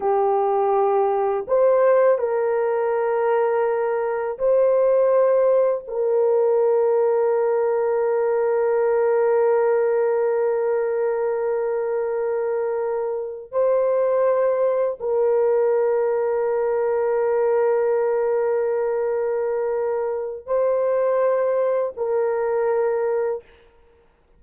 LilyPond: \new Staff \with { instrumentName = "horn" } { \time 4/4 \tempo 4 = 82 g'2 c''4 ais'4~ | ais'2 c''2 | ais'1~ | ais'1~ |
ais'2~ ais'8 c''4.~ | c''8 ais'2.~ ais'8~ | ais'1 | c''2 ais'2 | }